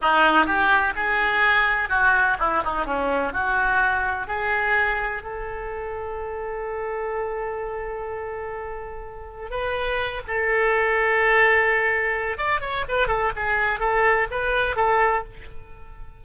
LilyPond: \new Staff \with { instrumentName = "oboe" } { \time 4/4 \tempo 4 = 126 dis'4 g'4 gis'2 | fis'4 e'8 dis'8 cis'4 fis'4~ | fis'4 gis'2 a'4~ | a'1~ |
a'1 | b'4. a'2~ a'8~ | a'2 d''8 cis''8 b'8 a'8 | gis'4 a'4 b'4 a'4 | }